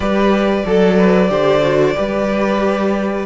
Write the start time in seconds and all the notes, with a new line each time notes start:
0.00 G3 G4 B4 D5
0.65 F#3 A4
0.98 B4
1.28 D3 G4 C5
1.62 F#4
1.95 G3 G4 B4